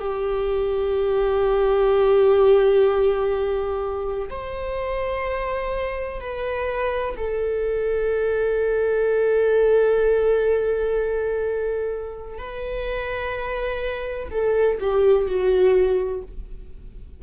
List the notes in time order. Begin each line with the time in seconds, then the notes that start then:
0.00 G4
4.30 C5
6.20 B4
7.17 A4
12.39 B4
14.31 A4
14.80 G4
15.27 F#4